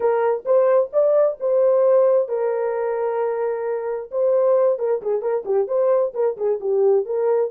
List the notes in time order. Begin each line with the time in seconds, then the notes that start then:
0.00 A#4
0.45 C5
0.92 D5
1.40 C5
2.28 A#4
4.11 C5
4.79 A#4
5.01 G#4
5.21 A#4
5.45 G4
5.67 C5
6.14 A#4
6.37 G#4
6.60 G4
7.05 A#4